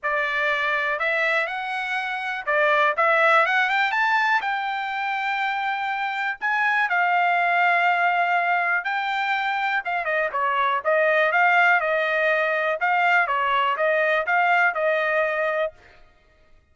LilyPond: \new Staff \with { instrumentName = "trumpet" } { \time 4/4 \tempo 4 = 122 d''2 e''4 fis''4~ | fis''4 d''4 e''4 fis''8 g''8 | a''4 g''2.~ | g''4 gis''4 f''2~ |
f''2 g''2 | f''8 dis''8 cis''4 dis''4 f''4 | dis''2 f''4 cis''4 | dis''4 f''4 dis''2 | }